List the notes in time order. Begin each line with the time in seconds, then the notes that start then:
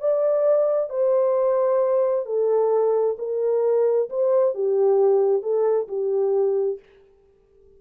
0.00 D5
0.89 C5
2.25 A4
3.18 A#4
4.09 C5
4.54 G4
5.42 A4
5.88 G4